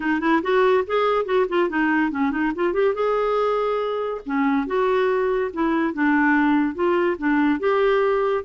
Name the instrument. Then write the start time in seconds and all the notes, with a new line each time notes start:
clarinet
0.00 D#4
0.20 E4
0.42 F#4
0.86 G#4
1.25 F#4
1.49 F4
1.69 D#4
2.11 C#4
2.31 D#4
2.55 F4
2.73 G4
2.94 G#4
4.25 C#4
4.66 F#4
5.53 E4
5.93 D4
6.74 F4
7.18 D4
7.59 G4